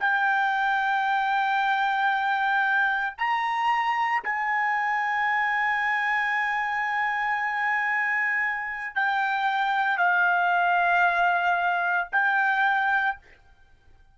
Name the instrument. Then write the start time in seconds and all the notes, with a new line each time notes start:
trumpet
0.00 G5
3.18 A#5
4.23 G#5
8.95 G5
9.98 F5
12.12 G5